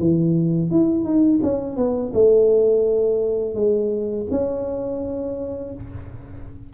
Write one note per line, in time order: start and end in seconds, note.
0.00 0.71 E3
0.71 1.05 E4
1.05 1.40 D#4
1.43 1.77 C#4
1.77 2.12 B3
2.14 3.55 A3
3.55 4.27 G#3
4.31 5.74 C#4